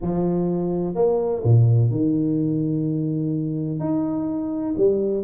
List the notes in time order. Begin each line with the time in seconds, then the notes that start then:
0.01 F3
0.94 A#3
1.43 A#2
1.90 D#3
3.79 D#4
4.77 G3